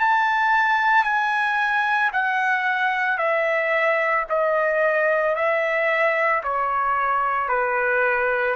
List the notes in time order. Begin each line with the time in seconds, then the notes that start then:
0.00 A5
1.04 G#5
2.13 F#5
3.18 E5
4.30 D#5
5.35 E5
6.43 C#5
7.49 B4